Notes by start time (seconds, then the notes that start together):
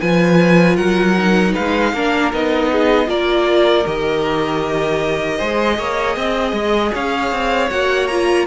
0.00 F3 F4 B4 G#5
0.76 F#3 A#4 F#5
1.17 D#4
1.53 G#3 B4 F5
1.93 A#3 D4 A#4
2.33 B3 D#4 D#5
2.71 G#4
3.06 A#3 F4 A#4 D5
3.85 D#3 G4 D#5
5.37 G#3 G#4 C5
5.78 A#3 C#5
6.16 C4 D#5
6.52 G#3
6.93 C#4 C#5 F5
7.32 C4
7.70 A#3 F#4 F#5
8.07 F4 A#5